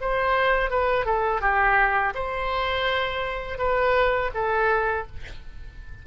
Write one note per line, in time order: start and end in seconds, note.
0.00 0.70 C5
0.70 1.05 B4
1.05 1.41 A4
1.41 2.13 G4
2.14 3.58 C5
3.58 4.30 B4
4.34 5.06 A4